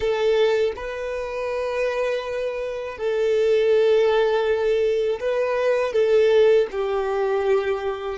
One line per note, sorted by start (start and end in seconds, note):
0.00 0.72 A4
0.75 2.97 B4
2.97 5.19 A4
5.20 5.93 B4
5.93 6.67 A4
6.71 8.18 G4